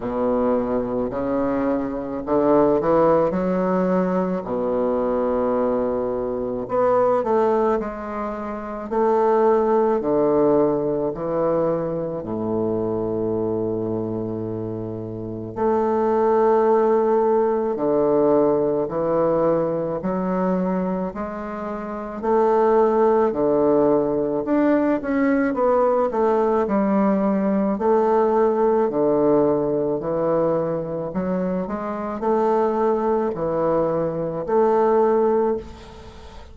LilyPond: \new Staff \with { instrumentName = "bassoon" } { \time 4/4 \tempo 4 = 54 b,4 cis4 d8 e8 fis4 | b,2 b8 a8 gis4 | a4 d4 e4 a,4~ | a,2 a2 |
d4 e4 fis4 gis4 | a4 d4 d'8 cis'8 b8 a8 | g4 a4 d4 e4 | fis8 gis8 a4 e4 a4 | }